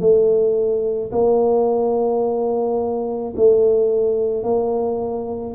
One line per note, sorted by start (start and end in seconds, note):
0.00 1.11 A3
1.12 3.34 A#3
3.36 4.43 A3
4.43 5.55 A#3